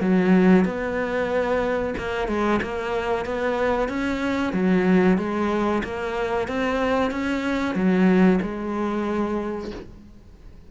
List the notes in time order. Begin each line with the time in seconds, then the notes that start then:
0.00 F#3
0.65 B3
1.97 A#3
2.28 G#3
2.62 A#3
3.25 B3
3.88 C#4
4.53 F#3
5.18 G#3
5.83 A#3
6.47 C4
7.11 C#4
7.74 F#3
8.41 G#3